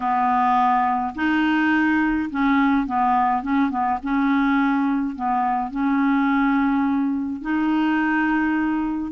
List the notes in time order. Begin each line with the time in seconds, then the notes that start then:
0.00 B3
1.15 D#4
2.30 C#4
2.86 B3
3.42 C#4
3.70 B3
4.02 C#4
5.15 B3
5.71 C#4
7.41 D#4